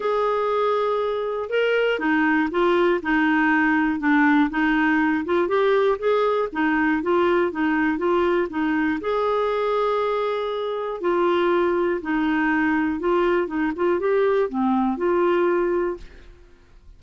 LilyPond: \new Staff \with { instrumentName = "clarinet" } { \time 4/4 \tempo 4 = 120 gis'2. ais'4 | dis'4 f'4 dis'2 | d'4 dis'4. f'8 g'4 | gis'4 dis'4 f'4 dis'4 |
f'4 dis'4 gis'2~ | gis'2 f'2 | dis'2 f'4 dis'8 f'8 | g'4 c'4 f'2 | }